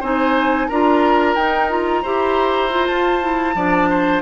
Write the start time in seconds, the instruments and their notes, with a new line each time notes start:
0.00 bassoon C4, clarinet D#4, oboe C5, flute G#5
0.68 bassoon D4, clarinet F4, oboe A#4, flute A#5
1.36 bassoon D#4, clarinet D#4, flute G5
1.70 clarinet F4, flute A#5
2.03 bassoon E4, clarinet G4, oboe C5
2.71 clarinet F4
2.87 bassoon F4, flute A5
3.21 clarinet E4
3.55 bassoon F3, clarinet D4, oboe D5
3.90 oboe C5